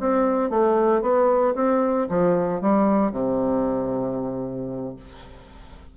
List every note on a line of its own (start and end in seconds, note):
0.00 0.50 C4
0.50 1.02 A3
1.02 1.55 B3
1.55 2.08 C4
2.09 2.61 F3
2.61 3.12 G3
3.12 4.96 C3